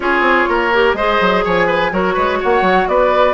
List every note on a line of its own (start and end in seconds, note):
0.00 0.20 C#4
0.00 0.72 F4
0.00 0.49 G#4
0.00 0.95 C#5
0.20 0.44 C4
0.48 0.93 A#3
0.48 0.96 A#4
0.73 0.97 G4
0.93 1.17 G#3
0.93 1.91 G#4
0.93 1.44 C5
0.93 1.43 D#5
1.20 1.44 F#3
1.44 1.91 F3
1.44 1.67 C#5
1.44 1.93 G#5
1.67 1.91 B4
1.91 2.15 F#3
1.91 3.33 F#4
1.91 2.14 A#4
1.91 2.41 C#5
2.14 2.40 G#3
2.14 2.38 B4
2.40 2.61 A#3
2.40 2.88 C#5
2.40 2.88 F#5
2.61 2.85 F#3
2.87 3.33 B3
2.87 3.33 B4
2.87 3.33 D5